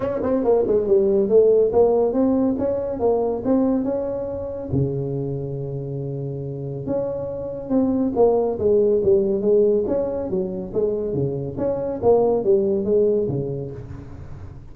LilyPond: \new Staff \with { instrumentName = "tuba" } { \time 4/4 \tempo 4 = 140 cis'8 c'8 ais8 gis8 g4 a4 | ais4 c'4 cis'4 ais4 | c'4 cis'2 cis4~ | cis1 |
cis'2 c'4 ais4 | gis4 g4 gis4 cis'4 | fis4 gis4 cis4 cis'4 | ais4 g4 gis4 cis4 | }